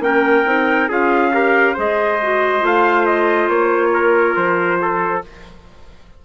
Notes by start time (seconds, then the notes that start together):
0.00 A#3 C#4 A#4 G5
0.45 C4 D#4
0.89 C#4 F4 G#4 F5
1.32 G4 A#4
1.74 G#3 G#4 C5 D#5
2.22 F#4
2.61 A3 F4 F5
3.06 D#5
3.49 A#3 C#5
3.94 A#4
4.36 F3 C5
4.82 A4